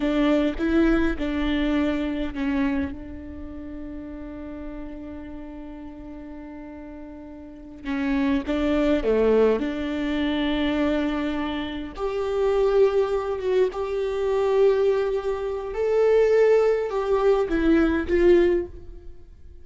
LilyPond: \new Staff \with { instrumentName = "viola" } { \time 4/4 \tempo 4 = 103 d'4 e'4 d'2 | cis'4 d'2.~ | d'1~ | d'4. cis'4 d'4 a8~ |
a8 d'2.~ d'8~ | d'8 g'2~ g'8 fis'8 g'8~ | g'2. a'4~ | a'4 g'4 e'4 f'4 | }